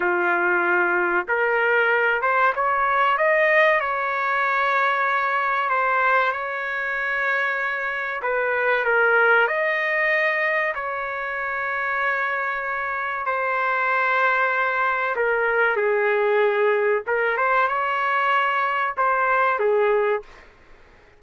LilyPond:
\new Staff \with { instrumentName = "trumpet" } { \time 4/4 \tempo 4 = 95 f'2 ais'4. c''8 | cis''4 dis''4 cis''2~ | cis''4 c''4 cis''2~ | cis''4 b'4 ais'4 dis''4~ |
dis''4 cis''2.~ | cis''4 c''2. | ais'4 gis'2 ais'8 c''8 | cis''2 c''4 gis'4 | }